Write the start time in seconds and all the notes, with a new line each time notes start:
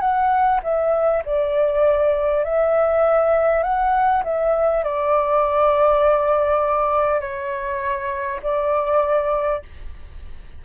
0.00 F#5
0.63 E5
1.25 D5
2.44 E5
3.63 F#5
4.24 E5
4.84 D5
7.20 C#5
8.43 D5